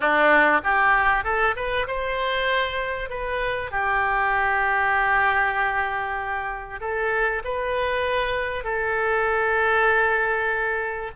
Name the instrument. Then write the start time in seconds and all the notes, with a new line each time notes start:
oboe
0.00 D4
0.63 G4
1.24 A4
1.55 B4
1.87 C5
3.09 B4
3.71 G4
6.80 A4
7.44 B4
8.63 A4